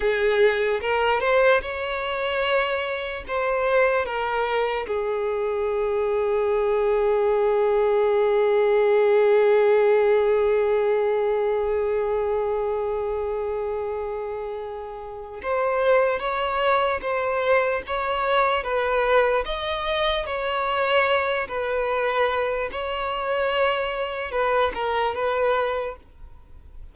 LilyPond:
\new Staff \with { instrumentName = "violin" } { \time 4/4 \tempo 4 = 74 gis'4 ais'8 c''8 cis''2 | c''4 ais'4 gis'2~ | gis'1~ | gis'1~ |
gis'2. c''4 | cis''4 c''4 cis''4 b'4 | dis''4 cis''4. b'4. | cis''2 b'8 ais'8 b'4 | }